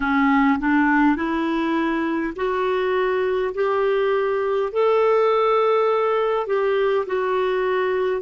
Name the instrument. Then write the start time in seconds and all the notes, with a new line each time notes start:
clarinet
0.00 C#4
0.59 D4
1.16 E4
2.36 F#4
3.54 G4
4.72 A4
6.47 G4
7.06 F#4